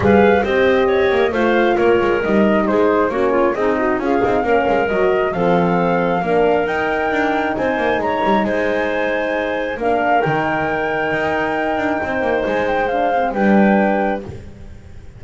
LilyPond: <<
  \new Staff \with { instrumentName = "flute" } { \time 4/4 \tempo 4 = 135 f''4 dis''2 f''4 | cis''4 dis''4 c''4 cis''4 | dis''4 f''2 dis''4 | f''2. g''4~ |
g''4 gis''4 ais''4 gis''4~ | gis''2 f''4 g''4~ | g''1 | gis''8 g''8 f''4 g''2 | }
  \new Staff \with { instrumentName = "clarinet" } { \time 4/4 b'4 c''4 cis''4 c''4 | ais'2 gis'4 fis'8 f'8 | dis'4 gis'4 ais'2 | a'2 ais'2~ |
ais'4 c''4 cis''4 c''4~ | c''2 ais'2~ | ais'2. c''4~ | c''2 b'2 | }
  \new Staff \with { instrumentName = "horn" } { \time 4/4 gis'4 g'2 f'4~ | f'4 dis'2 cis'4 | gis'8 fis'8 f'8 dis'8 cis'4 fis'4 | c'2 d'4 dis'4~ |
dis'1~ | dis'2 d'4 dis'4~ | dis'1~ | dis'4 d'8 c'8 d'2 | }
  \new Staff \with { instrumentName = "double bass" } { \time 4/4 g4 c'4. ais8 a4 | ais8 gis8 g4 gis4 ais4 | c'4 cis'8 c'8 ais8 gis8 fis4 | f2 ais4 dis'4 |
d'4 c'8 ais8 gis8 g8 gis4~ | gis2 ais4 dis4~ | dis4 dis'4. d'8 c'8 ais8 | gis2 g2 | }
>>